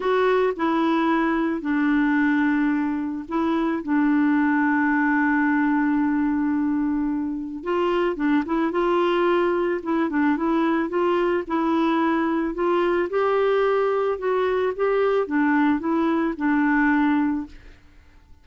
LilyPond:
\new Staff \with { instrumentName = "clarinet" } { \time 4/4 \tempo 4 = 110 fis'4 e'2 d'4~ | d'2 e'4 d'4~ | d'1~ | d'2 f'4 d'8 e'8 |
f'2 e'8 d'8 e'4 | f'4 e'2 f'4 | g'2 fis'4 g'4 | d'4 e'4 d'2 | }